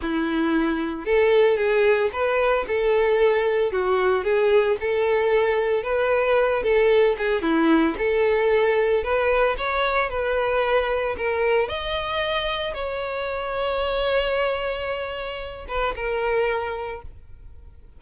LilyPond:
\new Staff \with { instrumentName = "violin" } { \time 4/4 \tempo 4 = 113 e'2 a'4 gis'4 | b'4 a'2 fis'4 | gis'4 a'2 b'4~ | b'8 a'4 gis'8 e'4 a'4~ |
a'4 b'4 cis''4 b'4~ | b'4 ais'4 dis''2 | cis''1~ | cis''4. b'8 ais'2 | }